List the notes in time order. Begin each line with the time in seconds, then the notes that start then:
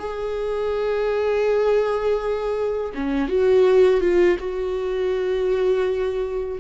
0.00 G#4
2.95 C#4
3.29 F#4
4.01 F4
4.39 F#4